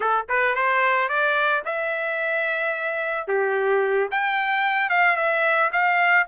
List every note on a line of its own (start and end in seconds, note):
0.00 0.26 A4
0.28 0.55 B4
0.55 1.08 C5
1.08 1.63 D5
1.65 3.27 E5
3.27 4.09 G4
4.11 4.89 G5
4.89 5.16 F5
5.16 5.70 E5
5.72 6.27 F5